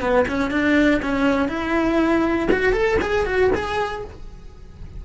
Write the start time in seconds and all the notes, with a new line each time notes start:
0.00 B3
0.27 C#4
0.50 D4
1.02 C#4
1.48 E4
2.51 F#4
2.72 A4
3.01 G#4
3.25 F#4
3.54 G#4